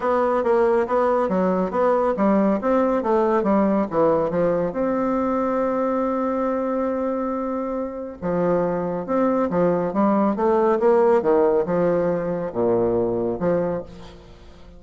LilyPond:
\new Staff \with { instrumentName = "bassoon" } { \time 4/4 \tempo 4 = 139 b4 ais4 b4 fis4 | b4 g4 c'4 a4 | g4 e4 f4 c'4~ | c'1~ |
c'2. f4~ | f4 c'4 f4 g4 | a4 ais4 dis4 f4~ | f4 ais,2 f4 | }